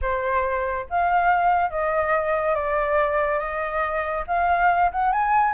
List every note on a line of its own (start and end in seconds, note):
0.01 0.86 C5
0.89 1.70 F5
1.70 2.54 D#5
2.54 3.39 D5
3.39 4.24 D#5
4.27 4.91 F5
4.91 5.12 F#5
5.12 5.53 G#5